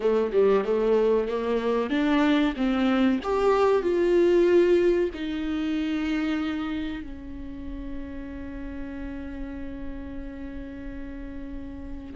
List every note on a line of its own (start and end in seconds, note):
0.00 0.31 A3
0.32 0.64 G3
0.64 1.28 A3
1.28 1.90 A#3
1.90 2.54 D4
2.56 3.20 C4
3.23 3.82 G4
3.82 5.10 F4
5.14 7.02 D#4
7.02 12.13 C#4